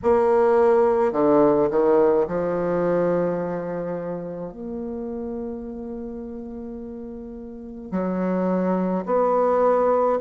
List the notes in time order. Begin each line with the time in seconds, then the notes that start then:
0.03 A#3
1.12 D3
1.70 D#3
2.27 F3
4.52 A#3
7.91 F#3
9.05 B3